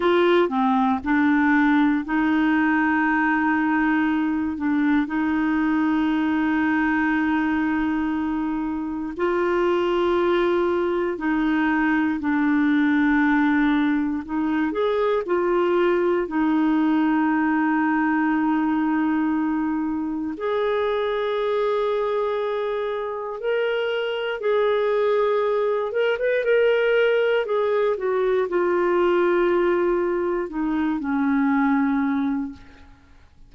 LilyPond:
\new Staff \with { instrumentName = "clarinet" } { \time 4/4 \tempo 4 = 59 f'8 c'8 d'4 dis'2~ | dis'8 d'8 dis'2.~ | dis'4 f'2 dis'4 | d'2 dis'8 gis'8 f'4 |
dis'1 | gis'2. ais'4 | gis'4. ais'16 b'16 ais'4 gis'8 fis'8 | f'2 dis'8 cis'4. | }